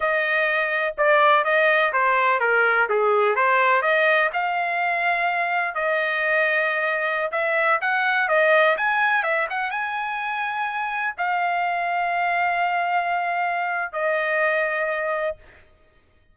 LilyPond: \new Staff \with { instrumentName = "trumpet" } { \time 4/4 \tempo 4 = 125 dis''2 d''4 dis''4 | c''4 ais'4 gis'4 c''4 | dis''4 f''2. | dis''2.~ dis''16 e''8.~ |
e''16 fis''4 dis''4 gis''4 e''8 fis''16~ | fis''16 gis''2. f''8.~ | f''1~ | f''4 dis''2. | }